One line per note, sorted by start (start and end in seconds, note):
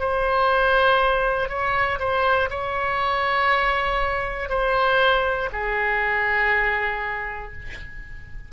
0.00 1.49 C5
1.49 1.99 C#5
2.00 2.50 C5
2.50 4.50 C#5
4.50 5.50 C5
5.53 7.53 G#4